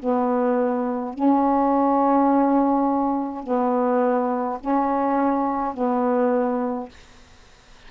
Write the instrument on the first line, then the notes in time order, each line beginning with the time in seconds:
saxophone
0.00 B3
1.14 C#4
3.44 B3
4.60 C#4
5.74 B3